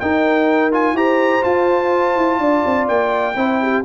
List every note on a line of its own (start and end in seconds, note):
0.00 0.72 D#4
0.00 0.93 D#4
0.00 0.96 A#4
0.00 0.72 G5
0.72 0.96 F4
0.72 0.97 G#5
0.93 1.41 E4
0.93 1.42 G4
0.93 2.40 C5
0.93 1.44 A#5
1.42 3.34 F4
1.42 2.16 F4
1.42 2.88 A5
2.16 2.39 E4
2.39 2.63 D4
2.39 3.36 D5
2.66 2.89 C4
2.88 3.36 A#3
2.88 3.84 G5
3.36 3.84 C4
3.36 3.85 E4
3.36 3.61 C5
3.62 3.86 G4